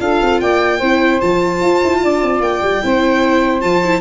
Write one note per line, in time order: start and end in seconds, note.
0.00 0.20 D4
0.00 0.81 F4
0.00 0.41 A4
0.00 0.41 F5
0.23 0.43 C4
0.41 0.81 A#3
0.41 0.78 D5
0.41 1.21 G5
0.78 1.22 C4
0.78 1.21 E4
0.78 1.99 C5
1.21 1.62 F3
1.21 2.82 F4
1.21 2.42 A5
1.62 1.82 F4
1.84 2.03 E4
2.03 2.23 D4
2.03 2.85 D5
2.23 2.40 C4
2.40 2.61 A#3
2.40 3.61 G5
2.62 2.82 G3
2.82 3.64 C4
2.82 3.62 E4
2.82 4.01 C5
3.61 4.01 F3
3.61 3.82 F4
3.61 4.01 A5
3.84 4.01 E4